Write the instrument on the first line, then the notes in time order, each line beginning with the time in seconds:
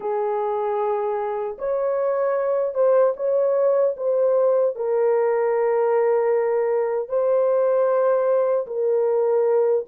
horn
0.00 G#4
1.58 C#5
2.74 C5
3.16 C#5
3.97 C5
4.75 A#4
7.08 C5
8.66 A#4